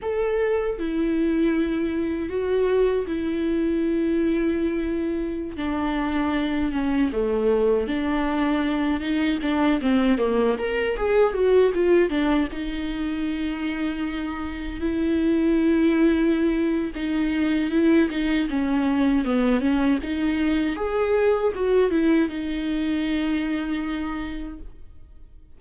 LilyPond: \new Staff \with { instrumentName = "viola" } { \time 4/4 \tempo 4 = 78 a'4 e'2 fis'4 | e'2.~ e'16 d'8.~ | d'8. cis'8 a4 d'4. dis'16~ | dis'16 d'8 c'8 ais8 ais'8 gis'8 fis'8 f'8 d'16~ |
d'16 dis'2. e'8.~ | e'2 dis'4 e'8 dis'8 | cis'4 b8 cis'8 dis'4 gis'4 | fis'8 e'8 dis'2. | }